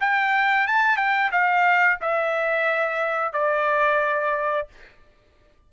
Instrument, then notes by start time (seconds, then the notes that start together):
trumpet
0.00 G5
0.67 A5
0.97 G5
1.31 F5
2.01 E5
3.32 D5